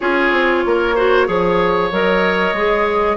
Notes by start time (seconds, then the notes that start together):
0.00 C#4 F4 G#4 C#5
0.31 C4
0.65 A#3 A#4
0.95 F#4 C5
1.26 F3 G#4 C#5
1.91 F#3 A#4 D#5
2.53 G#3 G#4